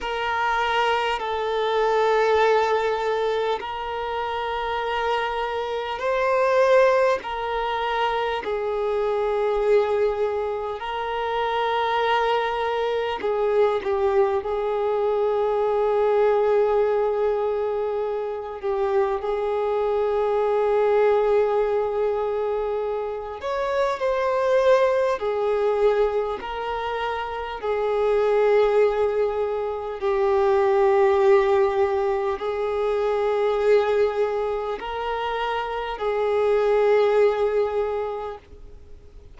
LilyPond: \new Staff \with { instrumentName = "violin" } { \time 4/4 \tempo 4 = 50 ais'4 a'2 ais'4~ | ais'4 c''4 ais'4 gis'4~ | gis'4 ais'2 gis'8 g'8 | gis'2.~ gis'8 g'8 |
gis'2.~ gis'8 cis''8 | c''4 gis'4 ais'4 gis'4~ | gis'4 g'2 gis'4~ | gis'4 ais'4 gis'2 | }